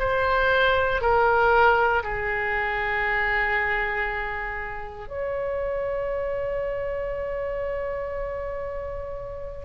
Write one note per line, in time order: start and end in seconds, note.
0.00 1.02 C5
1.02 2.03 A#4
2.04 5.08 G#4
5.08 9.66 C#5